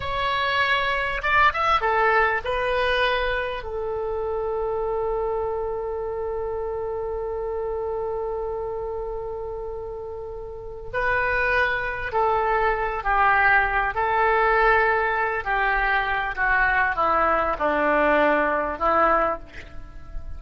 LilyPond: \new Staff \with { instrumentName = "oboe" } { \time 4/4 \tempo 4 = 99 cis''2 d''8 e''8 a'4 | b'2 a'2~ | a'1~ | a'1~ |
a'2 b'2 | a'4. g'4. a'4~ | a'4. g'4. fis'4 | e'4 d'2 e'4 | }